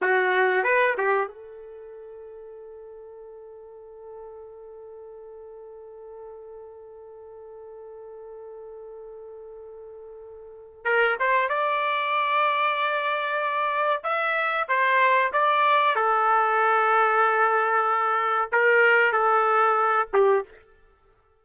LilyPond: \new Staff \with { instrumentName = "trumpet" } { \time 4/4 \tempo 4 = 94 fis'4 b'8 g'8 a'2~ | a'1~ | a'1~ | a'1~ |
a'4 ais'8 c''8 d''2~ | d''2 e''4 c''4 | d''4 a'2.~ | a'4 ais'4 a'4. g'8 | }